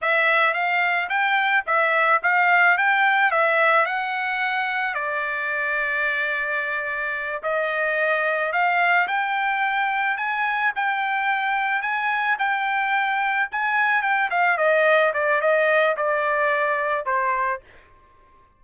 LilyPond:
\new Staff \with { instrumentName = "trumpet" } { \time 4/4 \tempo 4 = 109 e''4 f''4 g''4 e''4 | f''4 g''4 e''4 fis''4~ | fis''4 d''2.~ | d''4. dis''2 f''8~ |
f''8 g''2 gis''4 g''8~ | g''4. gis''4 g''4.~ | g''8 gis''4 g''8 f''8 dis''4 d''8 | dis''4 d''2 c''4 | }